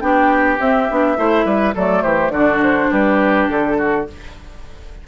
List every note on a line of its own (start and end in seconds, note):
0.00 0.59 B3
0.00 0.58 D4
0.00 1.18 G4
0.00 0.58 G5
0.60 0.88 C4
0.60 0.89 C4
0.60 1.75 E5
0.90 1.17 B3
0.90 1.16 D4
1.16 1.45 A3
1.16 1.74 E4
1.16 1.45 C5
1.45 1.74 G3
1.45 1.74 B4
1.74 2.04 F#3
1.74 2.33 A3
1.74 2.03 A4
1.74 2.02 D5
2.02 2.29 E3
2.02 2.32 G4
2.02 2.30 C5
2.29 2.87 D3
2.29 4.07 D4
2.29 2.90 F#4
2.29 2.59 D5
2.62 2.91 C5
2.90 3.49 G3
2.90 3.77 G4
2.90 3.49 B4
3.49 4.06 D3
3.49 4.07 A4
3.77 4.06 F#4